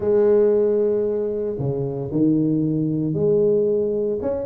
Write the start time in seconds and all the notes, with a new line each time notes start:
0.00 G#3
1.58 C#3
2.11 D#3
3.14 G#3
4.21 C#4